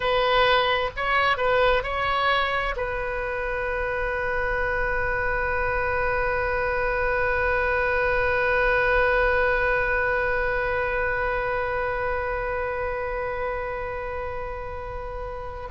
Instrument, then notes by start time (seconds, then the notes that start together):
oboe
0.00 B4
0.96 C#5
1.37 B4
1.83 C#5
2.76 B4